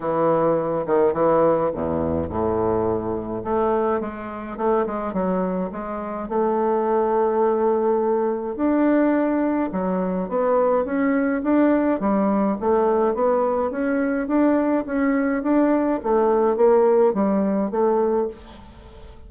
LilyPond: \new Staff \with { instrumentName = "bassoon" } { \time 4/4 \tempo 4 = 105 e4. dis8 e4 e,4 | a,2 a4 gis4 | a8 gis8 fis4 gis4 a4~ | a2. d'4~ |
d'4 fis4 b4 cis'4 | d'4 g4 a4 b4 | cis'4 d'4 cis'4 d'4 | a4 ais4 g4 a4 | }